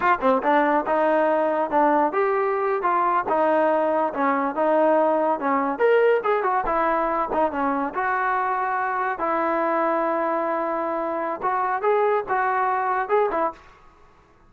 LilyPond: \new Staff \with { instrumentName = "trombone" } { \time 4/4 \tempo 4 = 142 f'8 c'8 d'4 dis'2 | d'4 g'4.~ g'16 f'4 dis'16~ | dis'4.~ dis'16 cis'4 dis'4~ dis'16~ | dis'8. cis'4 ais'4 gis'8 fis'8 e'16~ |
e'4~ e'16 dis'8 cis'4 fis'4~ fis'16~ | fis'4.~ fis'16 e'2~ e'16~ | e'2. fis'4 | gis'4 fis'2 gis'8 e'8 | }